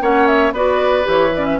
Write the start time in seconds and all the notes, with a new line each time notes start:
0.00 A#3 C#4 C#5 F#5
0.27 E5
0.51 B3 F#4 B4 D5
1.03 E3 G4 C#5
1.35 C#4 D5
1.45 E5